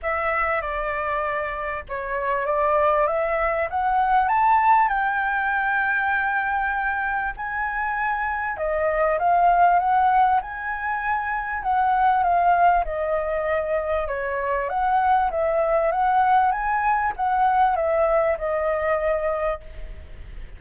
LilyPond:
\new Staff \with { instrumentName = "flute" } { \time 4/4 \tempo 4 = 98 e''4 d''2 cis''4 | d''4 e''4 fis''4 a''4 | g''1 | gis''2 dis''4 f''4 |
fis''4 gis''2 fis''4 | f''4 dis''2 cis''4 | fis''4 e''4 fis''4 gis''4 | fis''4 e''4 dis''2 | }